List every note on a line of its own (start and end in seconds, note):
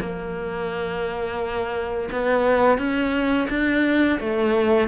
0.00 2.09 A#3
2.11 2.78 B3
2.78 3.48 C#4
3.49 4.19 D4
4.20 4.88 A3